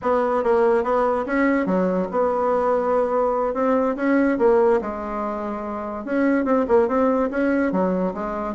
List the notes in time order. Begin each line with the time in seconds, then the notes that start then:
0.02 B3
0.43 A#3
0.83 B3
1.26 C#4
1.66 F#3
2.11 B3
3.54 C4
3.96 C#4
4.38 A#3
4.81 G#3
6.04 C#4
6.44 C4
6.68 A#3
6.88 C4
7.30 C#4
7.71 F#3
8.14 G#3